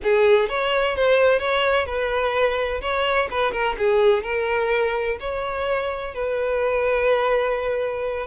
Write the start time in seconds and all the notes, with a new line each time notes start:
0.03 G#4
0.48 C#5
0.96 C5
1.39 C#5
1.86 B4
2.81 C#5
3.30 B4
3.52 A#4
3.78 G#4
4.23 A#4
5.20 C#5
6.14 B4